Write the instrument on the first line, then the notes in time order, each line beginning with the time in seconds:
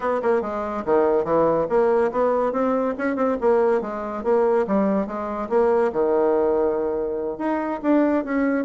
bassoon
0.00 B3
0.22 A#3
0.41 G#3
0.85 D#3
1.24 E3
1.69 A#3
2.11 B3
2.52 C4
2.98 C#4
3.16 C4
3.40 A#3
3.81 G#3
4.23 A#3
4.67 G3
5.06 G#3
5.49 A#3
5.92 D#3
7.38 D#4
7.82 D4
8.24 C#4